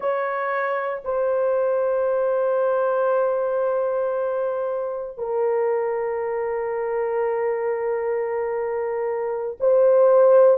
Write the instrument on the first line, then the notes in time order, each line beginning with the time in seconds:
horn
0.00 C#5
1.04 C5
5.17 A#4
9.60 C5